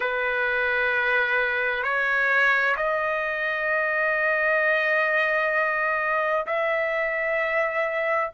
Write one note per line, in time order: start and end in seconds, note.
0.00 1.83 B4
1.83 2.75 C#5
2.77 6.46 D#5
6.46 8.31 E5